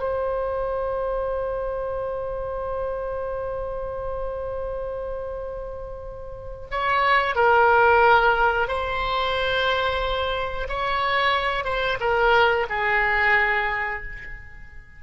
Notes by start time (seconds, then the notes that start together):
0.00 C5
6.71 C#5
7.36 A#4
8.68 C5
10.69 C#5
11.65 C5
12.00 A#4
12.70 G#4